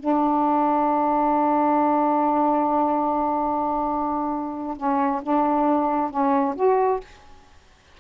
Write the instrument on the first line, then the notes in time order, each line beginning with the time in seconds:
saxophone
0.00 D4
4.77 C#4
5.23 D4
6.11 C#4
6.56 F#4